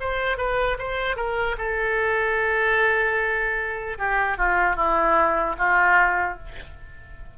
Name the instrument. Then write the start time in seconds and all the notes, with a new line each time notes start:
oboe
0.00 C5
0.37 B4
0.78 C5
1.16 A#4
1.57 A4
3.98 G4
4.37 F4
4.76 E4
5.58 F4